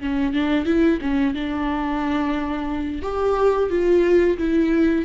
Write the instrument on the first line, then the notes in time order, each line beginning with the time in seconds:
viola
0.00 C#4
0.34 D4
0.65 E4
1.01 C#4
1.34 D4
3.02 G4
3.70 F4
4.38 E4